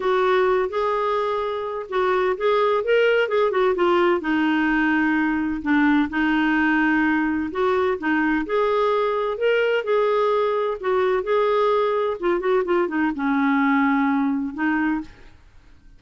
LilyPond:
\new Staff \with { instrumentName = "clarinet" } { \time 4/4 \tempo 4 = 128 fis'4. gis'2~ gis'8 | fis'4 gis'4 ais'4 gis'8 fis'8 | f'4 dis'2. | d'4 dis'2. |
fis'4 dis'4 gis'2 | ais'4 gis'2 fis'4 | gis'2 f'8 fis'8 f'8 dis'8 | cis'2. dis'4 | }